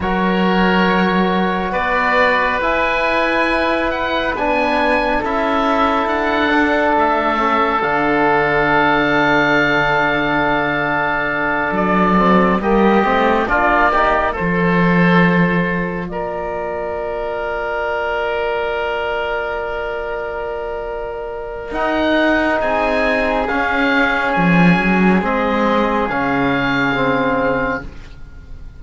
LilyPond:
<<
  \new Staff \with { instrumentName = "oboe" } { \time 4/4 \tempo 4 = 69 cis''2 d''4 gis''4~ | gis''8 fis''8 gis''4 e''4 fis''4 | e''4 f''2.~ | f''4. d''4 dis''4 d''8~ |
d''8 c''2 d''4.~ | d''1~ | d''4 fis''4 gis''4 f''4 | gis''4 dis''4 f''2 | }
  \new Staff \with { instrumentName = "oboe" } { \time 4/4 ais'2 b'2~ | b'2 a'2~ | a'1~ | a'2~ a'8 g'4 f'8 |
g'8 a'2 ais'4.~ | ais'1~ | ais'2 gis'2~ | gis'1 | }
  \new Staff \with { instrumentName = "trombone" } { \time 4/4 fis'2. e'4~ | e'4 d'4 e'4. d'8~ | d'8 cis'8 d'2.~ | d'2 c'8 ais8 c'8 d'8 |
dis'8 f'2.~ f'8~ | f'1~ | f'4 dis'2 cis'4~ | cis'4 c'4 cis'4 c'4 | }
  \new Staff \with { instrumentName = "cello" } { \time 4/4 fis2 b4 e'4~ | e'4 b4 cis'4 d'4 | a4 d2.~ | d4. fis4 g8 a8 ais8~ |
ais8 f2 ais4.~ | ais1~ | ais4 dis'4 c'4 cis'4 | f8 fis8 gis4 cis2 | }
>>